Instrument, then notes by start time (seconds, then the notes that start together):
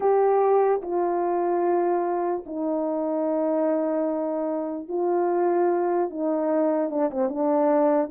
horn
0.00 G4
0.81 F4
2.45 D#4
4.88 F4
6.10 D#4
6.90 D4
7.11 C4
7.29 D4